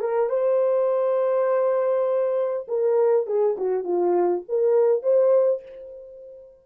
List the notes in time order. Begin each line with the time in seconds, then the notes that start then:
0.00 A#4
0.29 C5
2.67 A#4
3.26 G#4
3.57 F#4
3.83 F4
4.48 A#4
5.03 C5